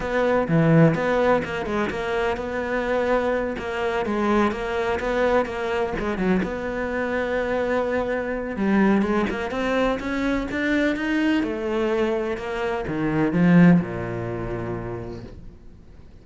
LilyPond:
\new Staff \with { instrumentName = "cello" } { \time 4/4 \tempo 4 = 126 b4 e4 b4 ais8 gis8 | ais4 b2~ b8 ais8~ | ais8 gis4 ais4 b4 ais8~ | ais8 gis8 fis8 b2~ b8~ |
b2 g4 gis8 ais8 | c'4 cis'4 d'4 dis'4 | a2 ais4 dis4 | f4 ais,2. | }